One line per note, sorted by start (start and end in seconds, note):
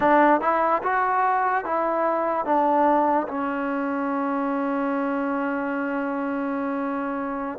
0.00 0.40 D4
0.40 0.81 E4
0.83 1.64 F#4
1.64 2.45 E4
2.45 3.27 D4
3.28 7.58 C#4